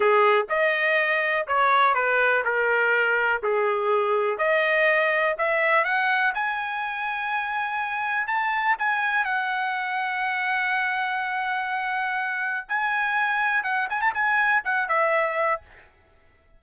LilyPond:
\new Staff \with { instrumentName = "trumpet" } { \time 4/4 \tempo 4 = 123 gis'4 dis''2 cis''4 | b'4 ais'2 gis'4~ | gis'4 dis''2 e''4 | fis''4 gis''2.~ |
gis''4 a''4 gis''4 fis''4~ | fis''1~ | fis''2 gis''2 | fis''8 gis''16 a''16 gis''4 fis''8 e''4. | }